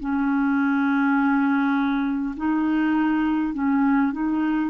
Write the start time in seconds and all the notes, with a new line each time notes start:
0.00 C#4
2.37 D#4
3.54 C#4
4.12 D#4